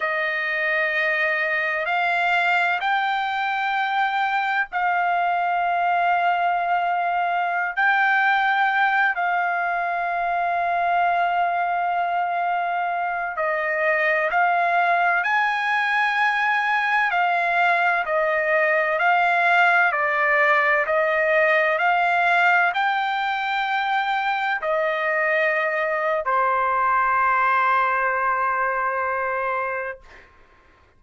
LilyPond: \new Staff \with { instrumentName = "trumpet" } { \time 4/4 \tempo 4 = 64 dis''2 f''4 g''4~ | g''4 f''2.~ | f''16 g''4. f''2~ f''16~ | f''2~ f''16 dis''4 f''8.~ |
f''16 gis''2 f''4 dis''8.~ | dis''16 f''4 d''4 dis''4 f''8.~ | f''16 g''2 dis''4.~ dis''16 | c''1 | }